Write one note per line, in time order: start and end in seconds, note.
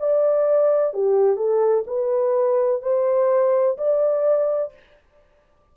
0.00 0.94 D5
0.94 1.37 G4
1.37 1.84 A4
1.87 2.82 B4
2.82 3.77 C5
3.78 4.74 D5